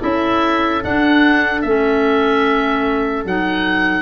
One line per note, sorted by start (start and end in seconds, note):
0.00 0.84 C#4
0.00 0.81 E4
0.00 4.03 A4
0.00 0.84 E5
0.82 1.63 D4
0.82 1.64 D4
0.82 1.61 F#5
1.61 3.25 A3
1.61 3.26 C#4
1.61 3.24 E5
3.25 4.03 F#3
3.25 4.03 D#4
3.25 4.03 F#5